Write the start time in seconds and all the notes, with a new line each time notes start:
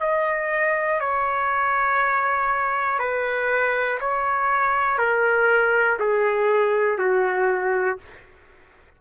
0.00 D#5
1.00 C#5
2.99 B4
4.00 C#5
4.98 A#4
5.99 G#4
6.98 F#4